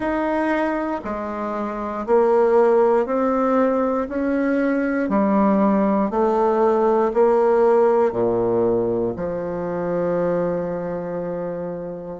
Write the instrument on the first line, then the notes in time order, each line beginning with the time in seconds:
bassoon
0.00 D#4
1.04 G#3
2.06 A#3
3.06 C4
4.09 C#4
5.09 G3
6.10 A3
7.13 A#3
8.11 A#2
9.16 F3